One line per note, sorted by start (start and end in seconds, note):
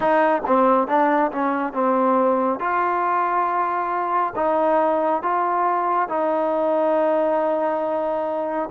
0.00 0.42 D#4
0.46 0.87 C4
0.87 1.31 D4
1.31 1.73 C#4
1.73 2.59 C4
2.59 4.33 F4
4.35 5.22 D#4
5.22 6.08 F4
6.08 8.69 D#4